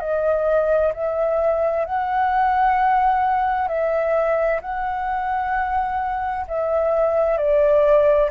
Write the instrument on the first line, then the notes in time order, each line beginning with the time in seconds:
flute
0.00 D#5
0.94 E5
1.85 F#5
3.68 E5
4.61 F#5
6.47 E5
7.38 D5